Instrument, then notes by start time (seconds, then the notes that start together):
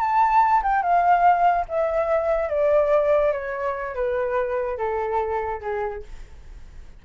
flute
0.00 A5
0.63 G5
0.82 F5
1.69 E5
2.49 D5
3.33 C#5
3.95 B4
4.78 A4
5.61 G#4